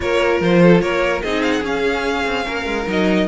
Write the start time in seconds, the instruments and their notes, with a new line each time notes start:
0.00 cello A#3, viola F4, violin A#4 C#5
0.40 cello F3, violin C5
0.62 violin A4
0.80 cello A#3, violin A#4 C#5
1.22 cello C4, viola D#4, violin G#4 D#5
1.42 violin F5
1.51 violin F#5
1.62 cello C#4, viola C#4, violin F5
2.25 cello C4
2.45 cello A#3, violin A#4
2.65 cello G#3
2.86 cello F#3, viola D#4, violin D#5